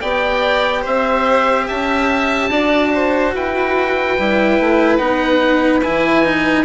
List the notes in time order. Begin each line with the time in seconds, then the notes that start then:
0.00 B3 G4 D5 G5
0.82 C4 C5 E5
1.67 C#4 E5 A5
2.50 D4 F#4 D5
2.94 C5
3.34 E4 B4 G5
4.18 G3 E4
4.59 A3
4.97 B3 D#4 F#5
5.82 E3 E4 G#5
6.25 D#4